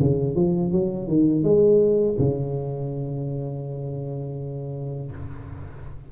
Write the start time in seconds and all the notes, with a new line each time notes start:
0.00 C#3
0.36 F3
0.72 F#3
1.08 D#3
1.44 G#3
2.19 C#3